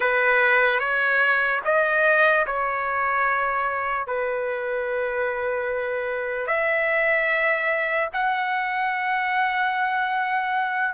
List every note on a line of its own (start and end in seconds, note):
0.00 0.79 B4
0.79 1.60 C#5
1.64 2.45 D#5
2.46 4.06 C#5
4.06 6.46 B4
6.46 8.09 E5
8.13 10.94 F#5